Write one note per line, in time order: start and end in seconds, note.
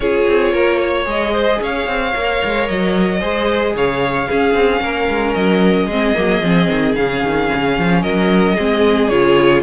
0.00 0.26 C#4
0.00 1.04 F4
0.00 0.52 G#4
0.00 1.06 C#5
0.27 0.54 C4
0.52 1.06 A#3
0.52 0.79 A#4
0.79 1.32 C#5
1.04 1.59 G#3
1.04 2.11 G#4
1.04 1.63 D#5
1.32 1.59 C5
1.60 1.87 C#4
1.60 3.19 C#5
1.60 2.68 F5
1.87 2.14 C4
2.15 2.42 A#3
2.15 3.20 A#4
2.44 2.69 G#3
2.68 3.21 F#3
2.68 3.75 D#5
3.19 3.74 G#3
3.19 4.27 G#4
3.19 3.73 C5
3.74 4.28 C#3
3.74 4.28 C#5
3.74 5.34 F5
4.28 5.91 C#4
4.28 4.53 C#4
4.28 4.82 G#4
4.53 4.80 C4
4.81 5.08 A#3
4.81 5.86 A#4
5.08 5.35 G#3
5.34 5.86 F#3
5.34 6.94 D#5
5.86 6.13 G#3
5.86 6.15 C4
5.86 8.00 G#4
6.15 6.41 F#3
6.15 6.41 A#3
6.41 6.67 F3
6.41 6.96 C4
6.70 6.97 D#3
6.96 7.23 C#3
6.96 8.57 C#4
6.96 8.02 F5
7.23 7.50 D#3
7.54 7.78 C#3
7.78 8.03 F3
8.02 8.57 F#3
8.02 8.55 A#4
8.02 9.08 D#5
8.55 9.10 G#3
8.55 9.10 C4
8.55 9.62 G#4
9.08 9.62 C#3
9.08 9.62 F4
9.08 9.61 C#5